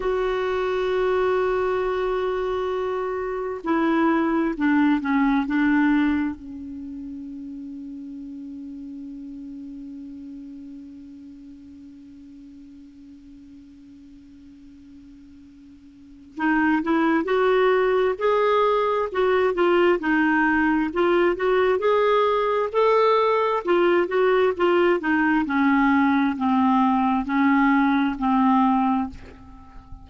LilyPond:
\new Staff \with { instrumentName = "clarinet" } { \time 4/4 \tempo 4 = 66 fis'1 | e'4 d'8 cis'8 d'4 cis'4~ | cis'1~ | cis'1~ |
cis'2 dis'8 e'8 fis'4 | gis'4 fis'8 f'8 dis'4 f'8 fis'8 | gis'4 a'4 f'8 fis'8 f'8 dis'8 | cis'4 c'4 cis'4 c'4 | }